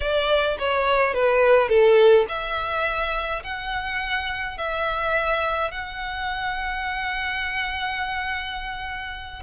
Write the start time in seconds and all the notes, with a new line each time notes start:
0.00 D5
0.58 C#5
1.14 B4
1.68 A4
2.28 E5
3.43 F#5
4.57 E5
5.71 F#5